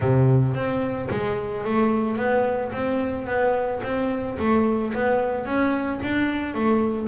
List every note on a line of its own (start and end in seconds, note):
0.00 0.54 C3
0.54 1.08 C4
1.10 1.64 G#3
1.64 2.17 A3
2.17 2.71 B3
2.72 3.26 C4
3.26 3.81 B3
3.83 4.37 C4
4.38 4.93 A3
4.94 5.45 B3
5.45 6.00 C#4
6.03 6.54 D4
6.54 7.08 A3